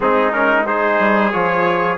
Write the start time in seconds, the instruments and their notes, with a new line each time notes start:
0.00 bassoon G#3, trombone C4, trumpet D#4 G#4
0.32 trombone C#4, trumpet A#4
0.66 trombone D#4, trumpet G#4 C5
0.99 bassoon G3
1.32 bassoon F3, trombone F4, trumpet C#5